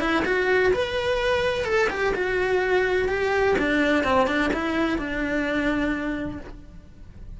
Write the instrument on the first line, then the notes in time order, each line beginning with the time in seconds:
cello
0.00 E4
0.25 F#4
0.73 B4
1.64 A4
1.90 G4
2.14 F#4
3.08 G4
3.58 D4
4.04 C4
4.26 D4
4.53 E4
4.98 D4